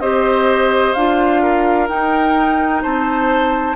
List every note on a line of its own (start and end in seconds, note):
0.00 0.94 C4
0.00 0.96 G4
0.00 1.42 C5
0.00 0.94 D#5
0.94 1.89 D4
0.94 1.88 F4
0.94 1.88 F5
1.42 2.82 A#4
1.88 3.75 D#4
1.88 2.83 D#4
1.88 2.82 G5
2.82 3.76 C4
2.82 3.76 C5
2.82 3.76 A5